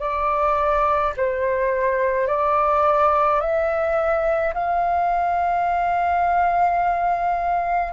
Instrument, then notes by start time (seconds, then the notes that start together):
flute
0.00 D5
1.17 C5
2.27 D5
3.40 E5
4.54 F5